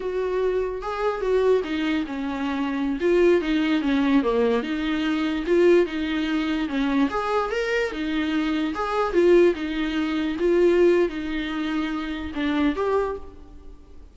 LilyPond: \new Staff \with { instrumentName = "viola" } { \time 4/4 \tempo 4 = 146 fis'2 gis'4 fis'4 | dis'4 cis'2~ cis'16 f'8.~ | f'16 dis'4 cis'4 ais4 dis'8.~ | dis'4~ dis'16 f'4 dis'4.~ dis'16~ |
dis'16 cis'4 gis'4 ais'4 dis'8.~ | dis'4~ dis'16 gis'4 f'4 dis'8.~ | dis'4~ dis'16 f'4.~ f'16 dis'4~ | dis'2 d'4 g'4 | }